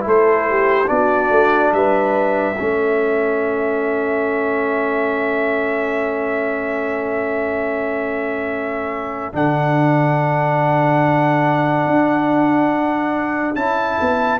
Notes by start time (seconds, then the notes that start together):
0.00 A3 E4
0.06 A4 C5
0.49 G4
0.86 B3 D4 F#4 D5
1.30 A3
1.72 G3 B4 E5
2.58 A3 C#4 A4
9.32 D3 D4 F#5
11.86 D4
13.55 C#4 E4 A5
14.00 B3